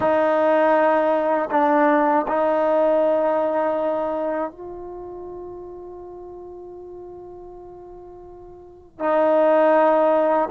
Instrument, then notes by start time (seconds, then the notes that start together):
trombone
0.00 D#4
1.50 D4
2.27 D#4
4.51 F4
8.99 D#4